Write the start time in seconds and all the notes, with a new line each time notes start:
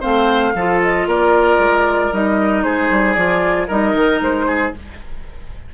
0.00 A3 C4 C5 F5
0.54 F3 F4 A4
0.82 D#5
1.06 A#3 A#4 D5
1.58 G#3
2.12 G3 D#4 D#5
2.63 G#3 G#4 C5
2.90 G3
3.13 F3 F4 D5
3.67 G3 D#4 A#4 D#5
3.94 D#3
4.20 G#3 C5
4.47 G#4